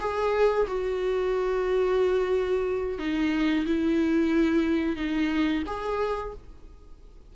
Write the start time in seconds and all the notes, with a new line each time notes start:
0.00 G#4
0.67 F#4
2.98 D#4
3.66 E4
4.96 D#4
5.67 G#4